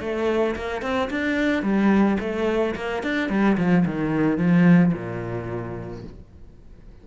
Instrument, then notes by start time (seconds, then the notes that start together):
cello
0.00 A3
0.56 A#3
0.82 C4
1.10 D4
1.62 G3
2.19 A3
2.75 A#3
3.03 D4
3.29 G3
3.57 F3
3.86 D#3
4.37 F3
4.93 A#2